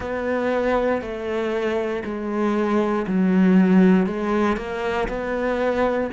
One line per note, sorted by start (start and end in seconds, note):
0.00 1.01 B3
1.01 2.03 A3
2.04 3.06 G#3
3.07 4.06 F#3
4.06 4.57 G#3
4.57 5.08 A#3
5.08 6.10 B3